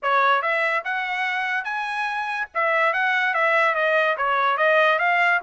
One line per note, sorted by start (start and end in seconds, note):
0.02 0.41 C#5
0.41 0.83 E5
0.84 1.64 F#5
1.64 2.47 G#5
2.54 2.93 E5
2.93 3.34 F#5
3.34 3.74 E5
3.74 4.16 D#5
4.17 4.57 C#5
4.57 4.98 D#5
4.98 5.40 F5